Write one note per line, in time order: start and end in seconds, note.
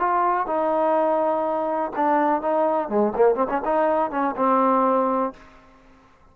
0.00 0.47 F4
0.47 1.92 D#4
1.97 2.42 D4
2.42 2.89 D#4
2.89 3.13 G#3
3.16 3.36 A#3
3.36 3.48 C4
3.49 3.62 C#4
3.65 4.11 D#4
4.11 4.35 C#4
4.37 5.34 C4